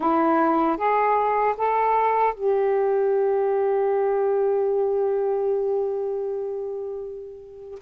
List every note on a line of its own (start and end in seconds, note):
0.00 0.77 E4
0.77 1.55 G#4
1.57 2.34 A4
2.34 7.79 G4